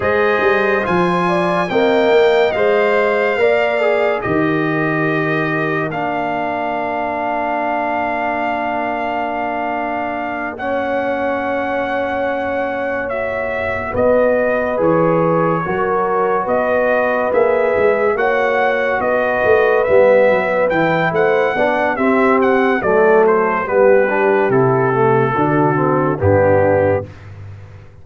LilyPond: <<
  \new Staff \with { instrumentName = "trumpet" } { \time 4/4 \tempo 4 = 71 dis''4 gis''4 g''4 f''4~ | f''4 dis''2 f''4~ | f''1~ | f''8 fis''2. e''8~ |
e''8 dis''4 cis''2 dis''8~ | dis''8 e''4 fis''4 dis''4 e''8~ | e''8 g''8 fis''4 e''8 fis''8 d''8 c''8 | b'4 a'2 g'4 | }
  \new Staff \with { instrumentName = "horn" } { \time 4/4 c''4. d''8 dis''2 | d''4 ais'2.~ | ais'1~ | ais'8 cis''2.~ cis''8~ |
cis''8 b'2 ais'4 b'8~ | b'4. cis''4 b'4.~ | b'4 c''8 d''8 g'4 a'4 | g'2 fis'4 d'4 | }
  \new Staff \with { instrumentName = "trombone" } { \time 4/4 gis'4 f'4 ais4 c''4 | ais'8 gis'8 g'2 d'4~ | d'1~ | d'8 cis'2. fis'8~ |
fis'4. gis'4 fis'4.~ | fis'8 gis'4 fis'2 b8~ | b8 e'4 d'8 c'4 a4 | b8 d'8 e'8 a8 d'8 c'8 b4 | }
  \new Staff \with { instrumentName = "tuba" } { \time 4/4 gis8 g8 f4 c'8 ais8 gis4 | ais4 dis2 ais4~ | ais1~ | ais1~ |
ais8 b4 e4 fis4 b8~ | b8 ais8 gis8 ais4 b8 a8 g8 | fis8 e8 a8 b8 c'4 fis4 | g4 c4 d4 g,4 | }
>>